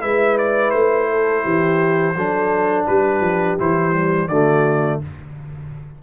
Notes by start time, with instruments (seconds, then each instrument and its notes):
0.00 tuba G#3, trombone E4, horn B4, trumpet E5
0.38 trumpet D5
0.71 tuba A3, trumpet C5
1.10 horn A4
1.43 tuba E3, horn G4
2.15 tuba F#3, trombone D4, horn A4
2.86 tuba G3, horn G4, trumpet B4
3.20 tuba F3
3.58 tuba E3, trombone E4, trumpet C5
3.92 trombone G3
4.28 tuba D3, trombone A3, horn F#4, trumpet D5